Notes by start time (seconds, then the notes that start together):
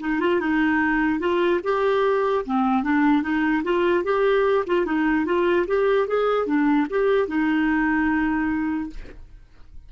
0.00 D#4
0.20 F4
0.41 D#4
1.20 F4
1.64 G4
2.45 C4
2.83 D4
3.22 D#4
3.64 F4
4.04 G4
4.67 F4
4.86 D#4
5.26 F4
5.68 G4
6.08 G#4
6.46 D4
6.90 G4
7.28 D#4